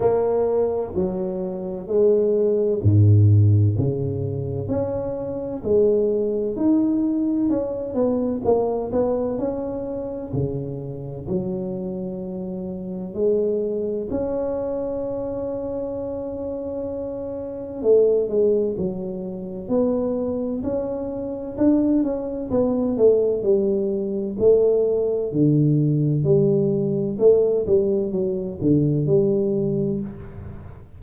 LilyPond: \new Staff \with { instrumentName = "tuba" } { \time 4/4 \tempo 4 = 64 ais4 fis4 gis4 gis,4 | cis4 cis'4 gis4 dis'4 | cis'8 b8 ais8 b8 cis'4 cis4 | fis2 gis4 cis'4~ |
cis'2. a8 gis8 | fis4 b4 cis'4 d'8 cis'8 | b8 a8 g4 a4 d4 | g4 a8 g8 fis8 d8 g4 | }